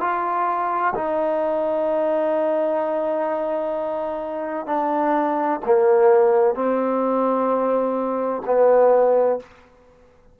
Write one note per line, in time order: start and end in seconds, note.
0.00 0.94 F4
0.95 4.66 D#4
4.66 5.60 D4
5.65 6.55 A#3
6.55 8.42 C4
8.46 9.40 B3